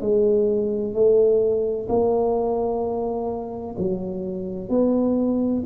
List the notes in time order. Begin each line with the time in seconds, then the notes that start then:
0.00 G#3
0.93 A3
1.88 A#3
3.78 F#3
4.69 B3